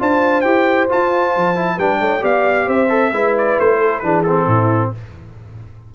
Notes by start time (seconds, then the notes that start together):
0.00 D4 F4 C5 A5
0.42 E4 G4 G5
0.90 F4 A5
1.37 F3
1.56 E4
1.76 G3 D4 B4 G5
2.01 A3 C#5
2.21 B3 G4 D5 F5
2.66 C4 C5 E5
2.90 A4
3.12 G#3 E4 B4
3.38 D5
3.60 A3 C5
3.79 A4
4.00 E3 D4 G#4 B4
4.23 C4 A4
4.47 A2 E4